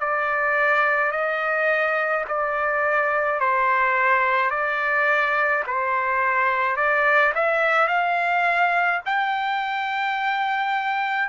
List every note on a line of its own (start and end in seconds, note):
0.00 1.12 D5
1.12 2.25 D#5
2.28 3.40 D5
3.40 4.51 C5
4.51 5.64 D5
5.67 6.77 C5
6.77 7.33 D5
7.35 7.88 E5
7.88 9.01 F5
9.06 11.29 G5